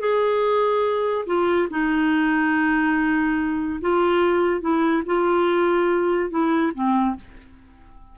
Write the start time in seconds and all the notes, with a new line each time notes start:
0.00 G#4
1.27 F4
1.71 D#4
3.81 F4
4.61 E4
5.06 F4
6.31 E4
6.74 C4